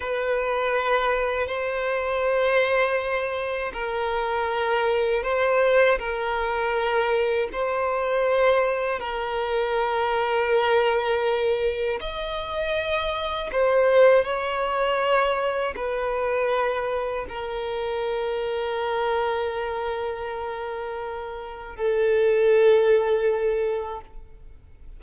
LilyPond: \new Staff \with { instrumentName = "violin" } { \time 4/4 \tempo 4 = 80 b'2 c''2~ | c''4 ais'2 c''4 | ais'2 c''2 | ais'1 |
dis''2 c''4 cis''4~ | cis''4 b'2 ais'4~ | ais'1~ | ais'4 a'2. | }